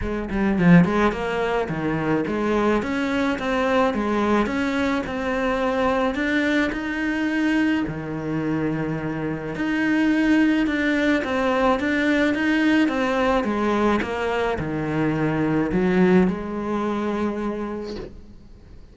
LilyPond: \new Staff \with { instrumentName = "cello" } { \time 4/4 \tempo 4 = 107 gis8 g8 f8 gis8 ais4 dis4 | gis4 cis'4 c'4 gis4 | cis'4 c'2 d'4 | dis'2 dis2~ |
dis4 dis'2 d'4 | c'4 d'4 dis'4 c'4 | gis4 ais4 dis2 | fis4 gis2. | }